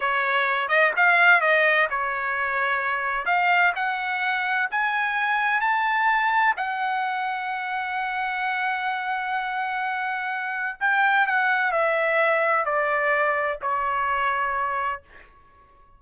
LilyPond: \new Staff \with { instrumentName = "trumpet" } { \time 4/4 \tempo 4 = 128 cis''4. dis''8 f''4 dis''4 | cis''2. f''4 | fis''2 gis''2 | a''2 fis''2~ |
fis''1~ | fis''2. g''4 | fis''4 e''2 d''4~ | d''4 cis''2. | }